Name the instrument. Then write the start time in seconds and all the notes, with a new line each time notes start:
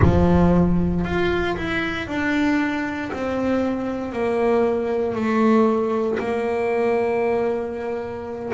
double bass
0.01 F3
1.04 F4
1.57 E4
2.07 D4
3.13 C4
4.12 A#3
5.14 A3
6.19 A#3